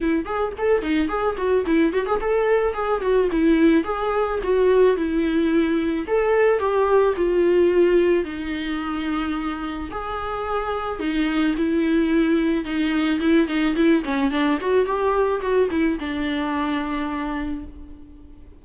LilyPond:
\new Staff \with { instrumentName = "viola" } { \time 4/4 \tempo 4 = 109 e'8 gis'8 a'8 dis'8 gis'8 fis'8 e'8 fis'16 gis'16 | a'4 gis'8 fis'8 e'4 gis'4 | fis'4 e'2 a'4 | g'4 f'2 dis'4~ |
dis'2 gis'2 | dis'4 e'2 dis'4 | e'8 dis'8 e'8 cis'8 d'8 fis'8 g'4 | fis'8 e'8 d'2. | }